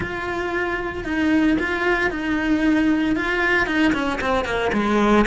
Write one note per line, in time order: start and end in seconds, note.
0.00 1.04 F4
1.04 1.57 D#4
1.59 2.10 F4
2.10 3.16 D#4
3.16 3.66 F4
3.66 3.92 D#4
3.93 4.19 C#4
4.21 4.44 C4
4.44 4.71 A#3
4.72 5.25 G#3